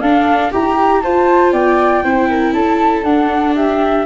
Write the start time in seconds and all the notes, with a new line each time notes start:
0.00 D4 A4 F5
0.51 E4 G4 A#5
1.02 F4 C5 A5
1.52 B3 D5 G5
2.03 C4 E4 C5
2.29 A#4
2.52 C#4 A4 A5
3.03 D4 F#5
3.55 G4 E5